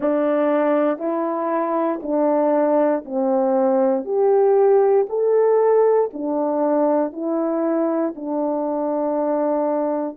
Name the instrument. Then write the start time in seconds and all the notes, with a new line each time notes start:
horn
0.00 D4
0.98 E4
2.02 D4
3.05 C4
4.04 G4
5.09 A4
6.12 D4
7.12 E4
8.15 D4